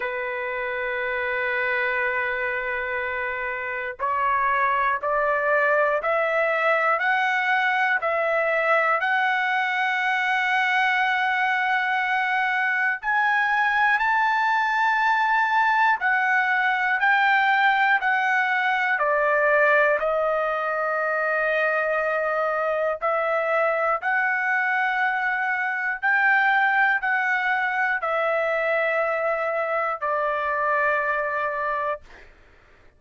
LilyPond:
\new Staff \with { instrumentName = "trumpet" } { \time 4/4 \tempo 4 = 60 b'1 | cis''4 d''4 e''4 fis''4 | e''4 fis''2.~ | fis''4 gis''4 a''2 |
fis''4 g''4 fis''4 d''4 | dis''2. e''4 | fis''2 g''4 fis''4 | e''2 d''2 | }